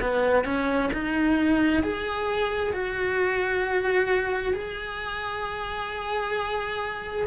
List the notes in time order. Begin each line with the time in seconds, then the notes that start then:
0.00 B3
0.44 C#4
0.93 D#4
1.83 G#4
2.73 F#4
4.53 G#4